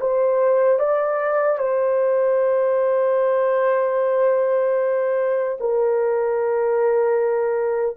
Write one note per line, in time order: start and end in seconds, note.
0.00 0.79 C5
0.79 1.58 D5
1.58 5.58 C5
5.60 7.97 A#4